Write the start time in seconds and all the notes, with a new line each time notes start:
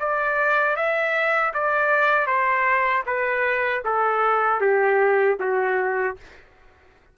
0.00 D5
0.77 E5
1.54 D5
2.27 C5
3.07 B4
3.85 A4
4.61 G4
5.40 F#4